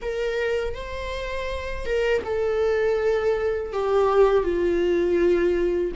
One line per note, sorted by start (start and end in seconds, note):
0.01 0.74 A#4
0.74 1.85 C5
1.85 2.22 A#4
2.24 3.72 A4
3.72 4.43 G4
4.43 5.91 F4